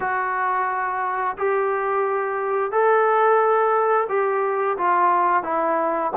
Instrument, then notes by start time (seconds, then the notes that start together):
trombone
0.00 F#4
1.37 G4
2.71 A4
4.08 G4
4.77 F4
5.43 E4